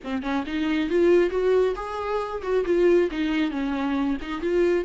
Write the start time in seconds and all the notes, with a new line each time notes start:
0.04 C4
0.22 C#4
0.46 D#4
0.89 F4
1.30 F#4
1.75 G#4
2.42 F#4
2.65 F4
3.11 D#4
3.50 C#4
4.21 D#4
4.41 F4